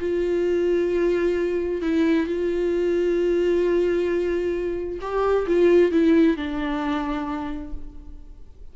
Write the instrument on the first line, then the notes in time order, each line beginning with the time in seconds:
viola
0.00 F4
1.82 E4
2.27 F4
5.01 G4
5.47 F4
5.92 E4
6.37 D4